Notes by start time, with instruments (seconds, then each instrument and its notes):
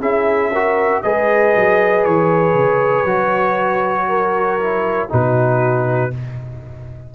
0.00 tuba C#4, trombone E4, horn G#4, trumpet E5
0.51 trombone F#4, horn A#4
1.02 tuba G#3, trombone G#4, horn B4, trumpet D#5
1.55 tuba F#3
2.04 tuba E3, trumpet C#5
2.54 tuba C#3
3.05 tuba F#3, trombone F#4
4.08 horn A#4
4.60 trombone E4
5.08 tuba B2, trombone D#4, horn F#4, trumpet B4